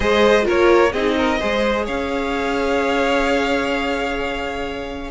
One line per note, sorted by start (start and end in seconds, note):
0.00 0.45 G#3
0.00 0.42 G#4
0.00 0.45 C5
0.00 0.45 D#5
0.42 0.89 F4
0.42 0.91 A#4
0.49 0.93 A#3
0.49 0.92 C#5
0.92 1.39 C4
0.92 1.39 D#4
0.92 1.15 G#4
0.92 1.85 D#5
1.17 1.39 A#4
1.39 1.87 G#3
1.39 5.10 G#4
1.39 1.85 C5
1.85 5.10 C#4
1.85 5.10 C#5
1.85 5.10 F5